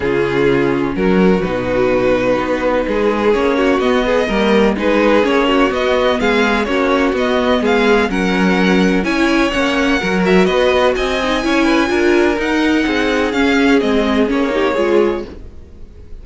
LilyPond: <<
  \new Staff \with { instrumentName = "violin" } { \time 4/4 \tempo 4 = 126 gis'2 ais'4 b'4~ | b'2. cis''4 | dis''2 b'4 cis''4 | dis''4 f''4 cis''4 dis''4 |
f''4 fis''2 gis''4 | fis''4. e''8 dis''4 gis''4~ | gis''2 fis''2 | f''4 dis''4 cis''2 | }
  \new Staff \with { instrumentName = "violin" } { \time 4/4 f'2 fis'2~ | fis'2 gis'4. fis'8~ | fis'8 gis'8 ais'4 gis'4. fis'8~ | fis'4 gis'4 fis'2 |
gis'4 ais'2 cis''4~ | cis''4 ais'4 b'4 dis''4 | cis''8 b'8 ais'2 gis'4~ | gis'2~ gis'8 g'8 gis'4 | }
  \new Staff \with { instrumentName = "viola" } { \time 4/4 cis'2. dis'4~ | dis'2. cis'4 | b4 ais4 dis'4 cis'4 | b2 cis'4 b4~ |
b4 cis'2 e'4 | cis'4 fis'2~ fis'8 dis'8 | e'4 f'4 dis'2 | cis'4 c'4 cis'8 dis'8 f'4 | }
  \new Staff \with { instrumentName = "cello" } { \time 4/4 cis2 fis4 b,4~ | b,4 b4 gis4 ais4 | b4 g4 gis4 ais4 | b4 gis4 ais4 b4 |
gis4 fis2 cis'4 | ais4 fis4 b4 c'4 | cis'4 d'4 dis'4 c'4 | cis'4 gis4 ais4 gis4 | }
>>